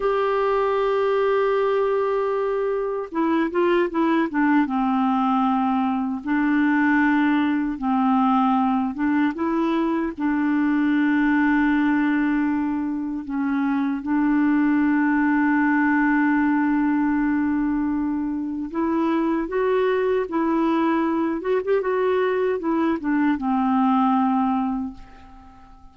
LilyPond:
\new Staff \with { instrumentName = "clarinet" } { \time 4/4 \tempo 4 = 77 g'1 | e'8 f'8 e'8 d'8 c'2 | d'2 c'4. d'8 | e'4 d'2.~ |
d'4 cis'4 d'2~ | d'1 | e'4 fis'4 e'4. fis'16 g'16 | fis'4 e'8 d'8 c'2 | }